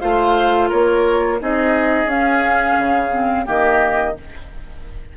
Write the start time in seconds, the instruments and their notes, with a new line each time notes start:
0.00 bassoon A3, clarinet F4, oboe C5, flute F5
0.69 bassoon A#3, oboe A#4, flute C#5
1.40 bassoon C4, clarinet D#4, oboe G#4, flute D#5
2.05 bassoon C#4, clarinet C#4, flute F5
2.79 bassoon C#3
3.11 clarinet C4
3.45 bassoon D#3, clarinet A#3, oboe G4, flute D#5